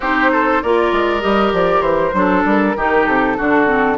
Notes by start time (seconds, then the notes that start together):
0.00 C4 D#4 G4 C5
0.32 A4
0.62 A#3 F4 A#4 D5
0.92 G#3
1.20 G3 G4 D#5
1.53 F3 D5
1.80 E3 C5
2.13 F#3 D4 A4
2.44 G3 A#4
2.76 D#3 D#4 G4
3.06 C3 A4
3.37 D3 D4 F#4
3.66 C4